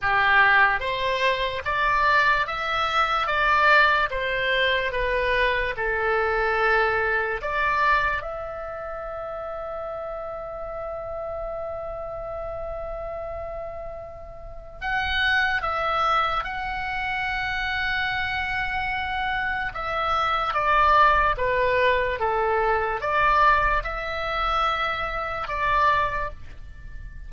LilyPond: \new Staff \with { instrumentName = "oboe" } { \time 4/4 \tempo 4 = 73 g'4 c''4 d''4 e''4 | d''4 c''4 b'4 a'4~ | a'4 d''4 e''2~ | e''1~ |
e''2 fis''4 e''4 | fis''1 | e''4 d''4 b'4 a'4 | d''4 e''2 d''4 | }